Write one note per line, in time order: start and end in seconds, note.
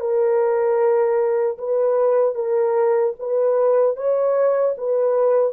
0.00 1.58 A#4
1.58 2.35 B4
2.35 3.14 A#4
3.20 3.97 B4
3.97 4.75 C#5
4.78 5.53 B4